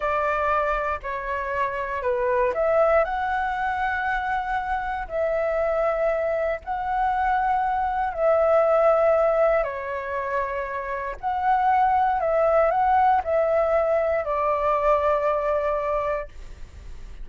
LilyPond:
\new Staff \with { instrumentName = "flute" } { \time 4/4 \tempo 4 = 118 d''2 cis''2 | b'4 e''4 fis''2~ | fis''2 e''2~ | e''4 fis''2. |
e''2. cis''4~ | cis''2 fis''2 | e''4 fis''4 e''2 | d''1 | }